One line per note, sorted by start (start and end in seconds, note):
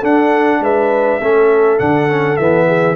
0.00 0.60 D4
0.00 1.21 D4
0.00 0.59 A4
0.00 0.63 F#5
0.60 1.19 G#3
0.60 1.21 B4
0.60 1.79 E5
1.20 1.79 A3
1.20 1.78 C#4
1.20 2.67 A4
1.78 2.39 D3
1.78 2.08 D4
1.78 2.36 F#5
2.08 2.38 C#4
2.36 2.95 E3
2.36 2.95 B3
2.36 2.95 E5
2.67 2.95 G#4